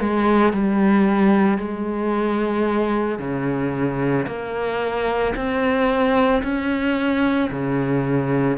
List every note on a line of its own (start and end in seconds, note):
0.00 0.53 G#3
0.53 1.58 G3
1.58 3.19 G#3
3.19 4.26 C#3
4.27 5.34 A#3
5.36 6.43 C4
6.43 7.50 C#4
7.50 8.58 C#3